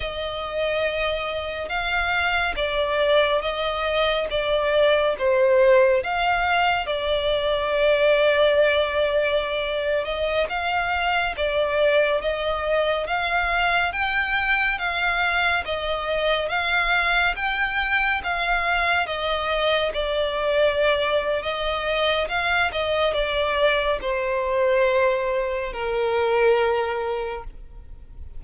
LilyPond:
\new Staff \with { instrumentName = "violin" } { \time 4/4 \tempo 4 = 70 dis''2 f''4 d''4 | dis''4 d''4 c''4 f''4 | d''2.~ d''8. dis''16~ | dis''16 f''4 d''4 dis''4 f''8.~ |
f''16 g''4 f''4 dis''4 f''8.~ | f''16 g''4 f''4 dis''4 d''8.~ | d''4 dis''4 f''8 dis''8 d''4 | c''2 ais'2 | }